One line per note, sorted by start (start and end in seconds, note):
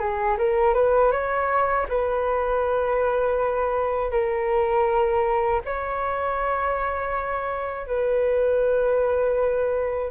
0.00 0.38 G#4
0.38 0.75 A#4
0.75 1.12 B4
1.12 1.87 C#5
1.89 4.11 B4
4.11 5.61 A#4
5.66 7.87 C#5
7.87 10.11 B4